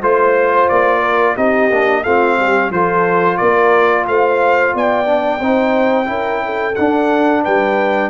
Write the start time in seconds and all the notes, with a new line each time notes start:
0.00 A3 F4 C5
0.69 A#3 D5
1.00 A#4
1.35 C4 D#4 G4 D#5
1.70 A#3 D4
2.04 A3 C4 F4 F5
2.37 G3 G4
2.70 F3 F4 A4 C5
3.37 A#3 A#4 D5
4.07 A3 C5 F5
4.74 B3 D5 G5
5.05 D4
5.39 C4 D#4 C5
6.05 C#4 E4 A#4
6.45 A4
6.75 D4 F#5
7.43 G3 B4 G5